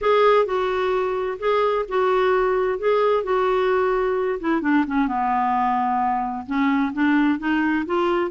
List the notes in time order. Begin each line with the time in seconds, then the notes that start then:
0.01 G#4
0.45 F#4
1.39 G#4
1.88 F#4
2.78 G#4
3.23 F#4
4.40 E4
4.61 D4
4.87 C#4
5.07 B3
6.46 C#4
6.93 D4
7.38 D#4
7.86 F4